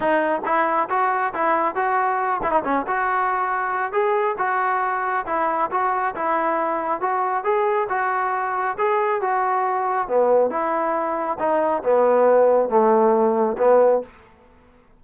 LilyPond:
\new Staff \with { instrumentName = "trombone" } { \time 4/4 \tempo 4 = 137 dis'4 e'4 fis'4 e'4 | fis'4. e'16 dis'16 cis'8 fis'4.~ | fis'4 gis'4 fis'2 | e'4 fis'4 e'2 |
fis'4 gis'4 fis'2 | gis'4 fis'2 b4 | e'2 dis'4 b4~ | b4 a2 b4 | }